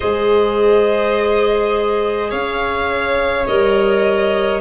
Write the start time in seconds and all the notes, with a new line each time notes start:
0.00 G#3 G#4 C5 D#5
2.30 C#4 C#5 F5
3.46 G3 A#4 D#5